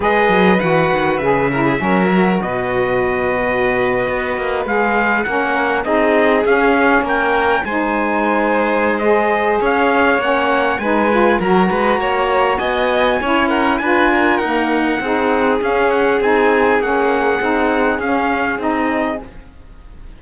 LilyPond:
<<
  \new Staff \with { instrumentName = "trumpet" } { \time 4/4 \tempo 4 = 100 dis''4 fis''4 e''2 | dis''2.~ dis''8. f''16~ | f''8. fis''4 dis''4 f''4 g''16~ | g''8. gis''2~ gis''16 dis''4 |
f''4 fis''4 gis''4 ais''4~ | ais''4 gis''4. fis''8 gis''4 | fis''2 f''8 fis''8 gis''4 | fis''2 f''4 dis''4 | }
  \new Staff \with { instrumentName = "violin" } { \time 4/4 b'2~ b'8 ais'16 gis'16 ais'4 | b'1~ | b'8. ais'4 gis'2 ais'16~ | ais'8. c''2.~ c''16 |
cis''2 b'4 ais'8 b'8 | cis''4 dis''4 cis''8 ais'8 b'8 ais'8~ | ais'4 gis'2.~ | gis'1 | }
  \new Staff \with { instrumentName = "saxophone" } { \time 4/4 gis'4 fis'4 gis'8 e'8 cis'8 fis'8~ | fis'2.~ fis'8. gis'16~ | gis'8. cis'4 dis'4 cis'4~ cis'16~ | cis'8. dis'2~ dis'16 gis'4~ |
gis'4 cis'4 dis'8 f'8 fis'4~ | fis'2 e'4 f'4 | ais4 dis'4 cis'4 dis'4 | cis'4 dis'4 cis'4 dis'4 | }
  \new Staff \with { instrumentName = "cello" } { \time 4/4 gis8 fis8 e8 dis8 cis4 fis4 | b,2~ b,8. b8 ais8 gis16~ | gis8. ais4 c'4 cis'4 ais16~ | ais8. gis2.~ gis16 |
cis'4 ais4 gis4 fis8 gis8 | ais4 b4 cis'4 d'4 | dis'4 c'4 cis'4 c'4 | ais4 c'4 cis'4 c'4 | }
>>